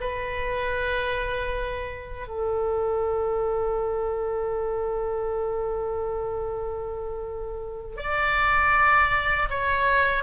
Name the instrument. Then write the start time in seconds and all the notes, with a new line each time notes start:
oboe
0.00 B4
2.28 A4
7.97 D5
9.49 C#5